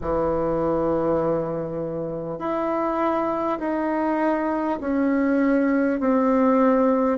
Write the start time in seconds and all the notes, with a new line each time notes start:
0.01 E3
2.38 E4
3.59 D#4
4.80 C#4
5.99 C4